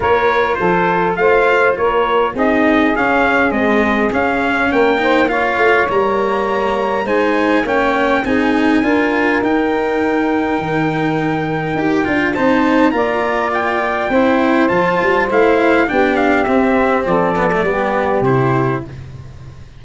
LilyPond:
<<
  \new Staff \with { instrumentName = "trumpet" } { \time 4/4 \tempo 4 = 102 cis''4 c''4 f''4 cis''4 | dis''4 f''4 dis''4 f''4 | g''4 f''4 ais''2 | gis''4 g''4 gis''2 |
g''1~ | g''4 a''4 ais''4 g''4~ | g''4 a''4 f''4 g''8 f''8 | e''4 d''2 c''4 | }
  \new Staff \with { instrumentName = "saxophone" } { \time 4/4 ais'4 a'4 c''4 ais'4 | gis'1 | ais'8 c''8 cis''2. | c''4 cis''4 gis'4 ais'4~ |
ais'1~ | ais'4 c''4 d''2 | c''2. g'4~ | g'4 a'4 g'2 | }
  \new Staff \with { instrumentName = "cello" } { \time 4/4 f'1 | dis'4 cis'4 gis4 cis'4~ | cis'8 dis'8 f'4 ais2 | dis'4 cis'4 dis'4 f'4 |
dis'1 | g'8 f'8 dis'4 f'2 | e'4 f'4 e'4 d'4 | c'4. b16 a16 b4 e'4 | }
  \new Staff \with { instrumentName = "tuba" } { \time 4/4 ais4 f4 a4 ais4 | c'4 cis'4 c'4 cis'4 | ais4. a8 g2 | gis4 ais4 c'4 d'4 |
dis'2 dis2 | dis'8 d'8 c'4 ais2 | c'4 f8 g8 a4 b4 | c'4 f4 g4 c4 | }
>>